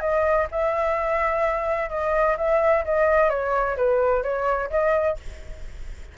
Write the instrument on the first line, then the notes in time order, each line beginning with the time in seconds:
flute
0.00 D#5
0.51 E5
1.89 D#5
2.37 E5
2.84 D#5
3.30 C#5
3.77 B4
4.23 C#5
4.70 D#5